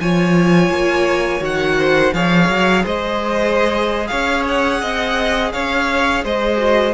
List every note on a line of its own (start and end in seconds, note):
0.00 0.69 F3
0.00 1.40 F4
0.00 1.78 C#5
0.00 1.43 G#5
0.69 1.40 A#3
1.40 2.11 D#3
1.40 2.12 F#4
1.40 2.13 F#5
1.78 2.14 C5
2.13 2.48 F3
2.13 6.56 G#4
2.13 2.83 C#5
2.13 2.85 F5
2.48 2.84 F#3
2.83 4.10 G#3
2.83 4.08 C5
2.83 4.07 D#5
4.07 4.82 C#4
4.07 4.81 C#5
4.07 4.43 F5
4.48 5.52 F#5
4.81 5.53 C4
4.81 5.52 D#5
5.52 6.24 C#4
5.52 6.24 C#5
5.52 6.23 F5
6.24 6.93 G#3
6.24 6.93 C5
6.24 6.93 D#5
6.56 6.92 F#4